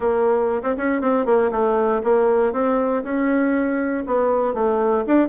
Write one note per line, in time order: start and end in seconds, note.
0.00 0.62 A#3
0.63 0.75 C4
0.77 1.01 C#4
1.01 1.25 C4
1.25 1.50 A#3
1.51 2.01 A3
2.03 2.52 A#3
2.52 3.03 C4
3.03 4.04 C#4
4.06 4.54 B3
4.54 5.04 A3
5.06 5.28 D4